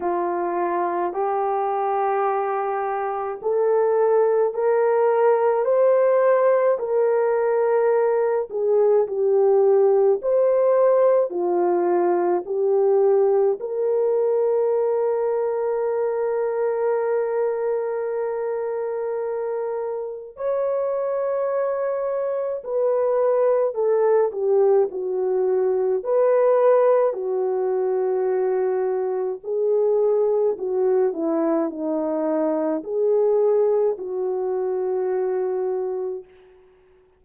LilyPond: \new Staff \with { instrumentName = "horn" } { \time 4/4 \tempo 4 = 53 f'4 g'2 a'4 | ais'4 c''4 ais'4. gis'8 | g'4 c''4 f'4 g'4 | ais'1~ |
ais'2 cis''2 | b'4 a'8 g'8 fis'4 b'4 | fis'2 gis'4 fis'8 e'8 | dis'4 gis'4 fis'2 | }